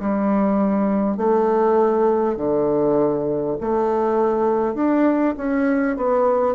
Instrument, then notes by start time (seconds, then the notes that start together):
bassoon
0.00 G3
1.18 A3
2.37 D3
3.61 A3
4.75 D4
5.38 C#4
5.97 B3